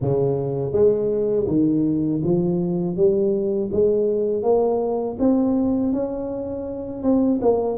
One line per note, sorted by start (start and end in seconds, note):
0.01 0.72 C#3
0.72 1.46 G#3
1.47 2.22 D#3
2.24 2.96 F3
2.96 3.70 G3
3.72 4.42 G#3
4.42 5.17 A#3
5.19 5.93 C4
5.93 7.02 C#4
7.02 7.39 C4
7.41 7.78 A#3